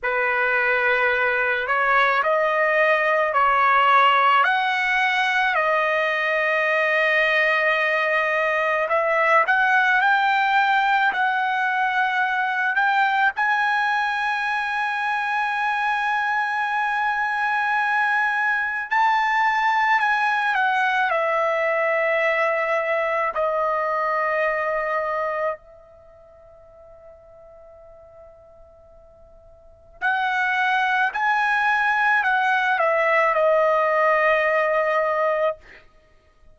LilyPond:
\new Staff \with { instrumentName = "trumpet" } { \time 4/4 \tempo 4 = 54 b'4. cis''8 dis''4 cis''4 | fis''4 dis''2. | e''8 fis''8 g''4 fis''4. g''8 | gis''1~ |
gis''4 a''4 gis''8 fis''8 e''4~ | e''4 dis''2 e''4~ | e''2. fis''4 | gis''4 fis''8 e''8 dis''2 | }